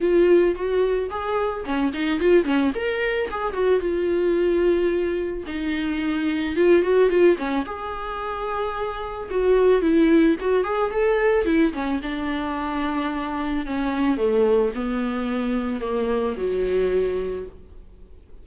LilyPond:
\new Staff \with { instrumentName = "viola" } { \time 4/4 \tempo 4 = 110 f'4 fis'4 gis'4 cis'8 dis'8 | f'8 cis'8 ais'4 gis'8 fis'8 f'4~ | f'2 dis'2 | f'8 fis'8 f'8 cis'8 gis'2~ |
gis'4 fis'4 e'4 fis'8 gis'8 | a'4 e'8 cis'8 d'2~ | d'4 cis'4 a4 b4~ | b4 ais4 fis2 | }